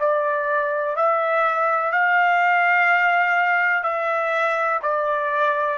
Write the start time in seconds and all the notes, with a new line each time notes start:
0.00 D5
0.96 E5
1.92 F5
3.84 E5
4.83 D5